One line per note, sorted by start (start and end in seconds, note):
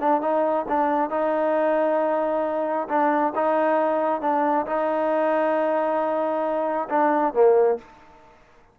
0.00 0.21 D4
0.21 0.65 D#4
0.68 1.10 D4
1.10 2.88 D#4
2.88 3.33 D4
3.35 4.21 D#4
4.21 4.66 D4
4.66 6.88 D#4
6.89 7.34 D4
7.34 7.78 A#3